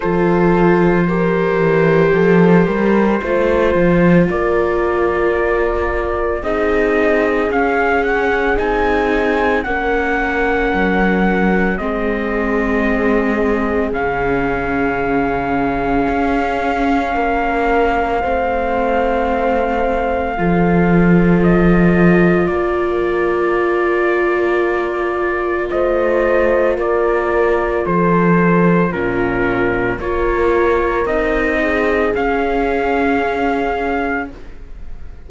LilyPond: <<
  \new Staff \with { instrumentName = "trumpet" } { \time 4/4 \tempo 4 = 56 c''1 | d''2 dis''4 f''8 fis''8 | gis''4 fis''2 dis''4~ | dis''4 f''2.~ |
f''1 | dis''4 d''2. | dis''4 d''4 c''4 ais'4 | cis''4 dis''4 f''2 | }
  \new Staff \with { instrumentName = "horn" } { \time 4/4 a'4 ais'4 a'8 ais'8 c''4 | ais'2 gis'2~ | gis'4 ais'2 gis'4~ | gis'1 |
ais'4 c''2 a'4~ | a'4 ais'2. | c''4 ais'4 a'4 f'4 | ais'4. gis'2~ gis'8 | }
  \new Staff \with { instrumentName = "viola" } { \time 4/4 f'4 g'2 f'4~ | f'2 dis'4 cis'4 | dis'4 cis'2 c'4~ | c'4 cis'2.~ |
cis'4 c'2 f'4~ | f'1~ | f'2. cis'4 | f'4 dis'4 cis'2 | }
  \new Staff \with { instrumentName = "cello" } { \time 4/4 f4. e8 f8 g8 a8 f8 | ais2 c'4 cis'4 | c'4 ais4 fis4 gis4~ | gis4 cis2 cis'4 |
ais4 a2 f4~ | f4 ais2. | a4 ais4 f4 ais,4 | ais4 c'4 cis'2 | }
>>